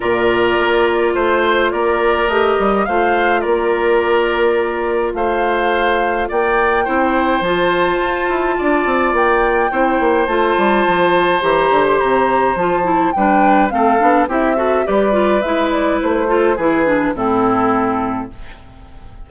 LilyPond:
<<
  \new Staff \with { instrumentName = "flute" } { \time 4/4 \tempo 4 = 105 d''2 c''4 d''4 | dis''4 f''4 d''2~ | d''4 f''2 g''4~ | g''4 a''2. |
g''2 a''2 | ais''8. c'''16 ais''4 a''4 g''4 | f''4 e''4 d''4 e''8 d''8 | c''4 b'4 a'2 | }
  \new Staff \with { instrumentName = "oboe" } { \time 4/4 ais'2 c''4 ais'4~ | ais'4 c''4 ais'2~ | ais'4 c''2 d''4 | c''2. d''4~ |
d''4 c''2.~ | c''2. b'4 | a'4 g'8 a'8 b'2~ | b'8 a'8 gis'4 e'2 | }
  \new Staff \with { instrumentName = "clarinet" } { \time 4/4 f'1 | g'4 f'2.~ | f'1 | e'4 f'2.~ |
f'4 e'4 f'2 | g'2 f'8 e'8 d'4 | c'8 d'8 e'8 fis'8 g'8 f'8 e'4~ | e'8 f'8 e'8 d'8 c'2 | }
  \new Staff \with { instrumentName = "bassoon" } { \time 4/4 ais,4 ais4 a4 ais4 | a8 g8 a4 ais2~ | ais4 a2 ais4 | c'4 f4 f'8 e'8 d'8 c'8 |
ais4 c'8 ais8 a8 g8 f4 | e8 d8 c4 f4 g4 | a8 b8 c'4 g4 gis4 | a4 e4 a,2 | }
>>